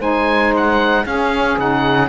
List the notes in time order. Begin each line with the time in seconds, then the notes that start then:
0.00 G#3 D#4 C5 G#5
0.57 F#5
1.04 C#4 G#4 F5
1.58 C#3 D#4 F#5